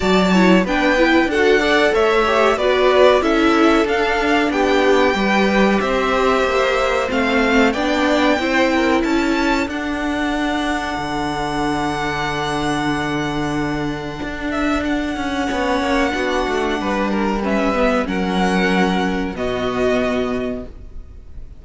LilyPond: <<
  \new Staff \with { instrumentName = "violin" } { \time 4/4 \tempo 4 = 93 a''4 g''4 fis''4 e''4 | d''4 e''4 f''4 g''4~ | g''4 e''2 f''4 | g''2 a''4 fis''4~ |
fis''1~ | fis''2~ fis''8 e''8 fis''4~ | fis''2. e''4 | fis''2 dis''2 | }
  \new Staff \with { instrumentName = "violin" } { \time 4/4 d''8 cis''8 b'4 a'8 d''8 cis''4 | b'4 a'2 g'4 | b'4 c''2. | d''4 c''8 ais'8 a'2~ |
a'1~ | a'1 | cis''4 fis'4 b'8 ais'8 b'4 | ais'2 fis'2 | }
  \new Staff \with { instrumentName = "viola" } { \time 4/4 fis'8 e'8 d'8 e'8 fis'8 a'4 g'8 | fis'4 e'4 d'2 | g'2. c'4 | d'4 e'2 d'4~ |
d'1~ | d'1 | cis'4 d'2 cis'8 b8 | cis'2 b2 | }
  \new Staff \with { instrumentName = "cello" } { \time 4/4 fis4 b4 d'4 a4 | b4 cis'4 d'4 b4 | g4 c'4 ais4 a4 | b4 c'4 cis'4 d'4~ |
d'4 d2.~ | d2 d'4. cis'8 | b8 ais8 b8 a8 g2 | fis2 b,2 | }
>>